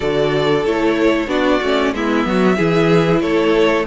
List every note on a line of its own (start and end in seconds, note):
0.00 0.65 D3
0.00 0.63 F#4
0.00 1.28 A4
0.00 0.65 D5
0.65 1.26 A3
0.65 1.27 E4
0.65 1.29 C#5
1.26 1.59 B3
1.26 1.59 D4
1.26 1.92 F#4
1.26 1.94 D5
1.62 1.93 A3
1.62 1.94 C#4
1.93 2.25 G#3
1.93 2.56 B3
1.93 2.27 E4
1.93 3.21 E5
2.25 2.58 F#3
2.25 2.56 F#4
2.56 3.23 E3
2.56 3.85 E4
2.56 3.20 G#4
3.21 3.86 A3
3.21 3.86 A4
3.21 3.86 C#5